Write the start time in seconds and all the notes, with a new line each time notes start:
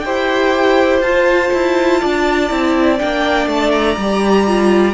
0.00 E4 G4 C5 G5
1.01 F4 A5
1.53 E4
2.00 D4 D5
2.50 C4 E4
2.98 A#3 D4 G5
3.47 A3 A5
3.71 A#5
3.97 G3 G4
4.47 F4